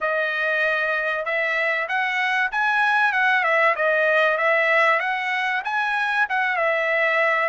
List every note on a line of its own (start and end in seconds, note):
0.00 1.25 D#5
1.25 1.88 E5
1.88 2.51 F#5
2.51 3.12 G#5
3.12 3.43 F#5
3.43 3.74 E5
3.75 4.38 D#5
4.38 4.99 E5
4.99 5.62 F#5
5.64 6.26 G#5
6.29 6.56 F#5
6.56 7.49 E5